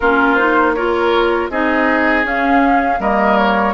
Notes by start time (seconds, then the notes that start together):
0.00 A#3 C#4 F4 A#4
0.34 D#4 C5
0.74 F4 A#4 C#5
1.49 C4 D#4 G#4 D#5
2.23 C#4 F5
2.99 G3 A#3 A#4 D#5
3.37 C#5